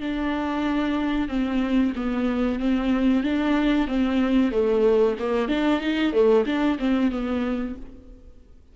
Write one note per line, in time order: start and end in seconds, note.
0.00 1.28 D4
1.28 1.93 C4
1.95 2.59 B3
2.59 3.23 C4
3.23 3.87 D4
3.87 4.51 C4
4.51 5.16 A3
5.19 5.48 A#3
5.48 5.80 D4
5.80 6.12 D#4
6.12 6.45 A3
6.45 6.78 D4
6.79 7.11 C4
7.11 7.75 B3